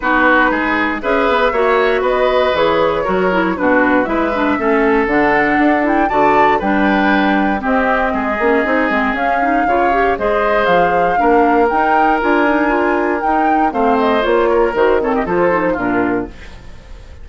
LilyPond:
<<
  \new Staff \with { instrumentName = "flute" } { \time 4/4 \tempo 4 = 118 b'2 e''2 | dis''4 cis''2 b'4 | e''2 fis''4. g''8 | a''4 g''2 dis''4~ |
dis''2 f''2 | dis''4 f''2 g''4 | gis''2 g''4 f''8 dis''8 | cis''4 c''8 cis''16 dis''16 c''4 ais'4 | }
  \new Staff \with { instrumentName = "oboe" } { \time 4/4 fis'4 gis'4 b'4 cis''4 | b'2 ais'4 fis'4 | b'4 a'2. | d''4 b'2 g'4 |
gis'2. cis''4 | c''2 ais'2~ | ais'2. c''4~ | c''8 ais'4 a'16 g'16 a'4 f'4 | }
  \new Staff \with { instrumentName = "clarinet" } { \time 4/4 dis'2 gis'4 fis'4~ | fis'4 gis'4 fis'8 e'8 d'4 | e'8 d'8 cis'4 d'4. e'8 | fis'4 d'2 c'4~ |
c'8 cis'8 dis'8 c'8 cis'8 dis'8 f'8 g'8 | gis'2 d'4 dis'4 | f'8 dis'8 f'4 dis'4 c'4 | f'4 fis'8 c'8 f'8 dis'8 d'4 | }
  \new Staff \with { instrumentName = "bassoon" } { \time 4/4 b4 gis4 cis'8 b8 ais4 | b4 e4 fis4 b,4 | gis4 a4 d4 d'4 | d4 g2 c'4 |
gis8 ais8 c'8 gis8 cis'4 cis4 | gis4 f4 ais4 dis'4 | d'2 dis'4 a4 | ais4 dis4 f4 ais,4 | }
>>